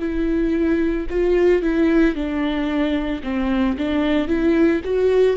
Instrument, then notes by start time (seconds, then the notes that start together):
viola
0.00 E4
1.11 F4
1.63 E4
2.15 D4
3.24 C4
3.78 D4
4.28 E4
4.85 F#4